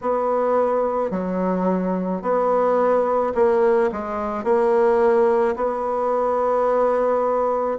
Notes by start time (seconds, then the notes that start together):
0.01 B3
1.11 F#3
2.22 B3
3.34 A#3
3.91 G#3
4.43 A#3
5.56 B3